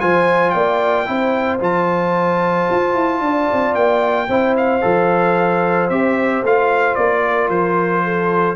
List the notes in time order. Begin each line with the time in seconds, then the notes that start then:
0.00 F3 F4 C5 G#5
0.50 A#3 D5 G5
1.06 C4 E4 C5
1.60 F3 F4 A5
2.71 F4
2.94 E4
3.20 D4 D5
3.52 C4
3.75 A#3 G5
4.28 C4 E4 C5
4.57 F5
4.81 F3 A4
5.89 C4 G4 E5
6.43 A3 F4 F5
6.95 A#3 D5
7.26 A#4
7.48 F3 C5
8.04 A4